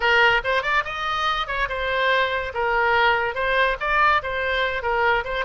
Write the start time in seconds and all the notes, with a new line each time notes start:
0.00 A#4
0.44 C5
0.62 D5
0.84 D#5
1.47 C#5
1.68 C5
2.54 A#4
3.34 C5
3.80 D5
4.22 C5
4.82 A#4
5.24 C5